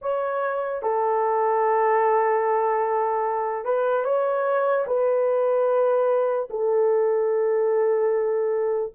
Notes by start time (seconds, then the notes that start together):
0.01 C#5
0.82 A4
3.64 B4
4.04 C#5
4.86 B4
6.50 A4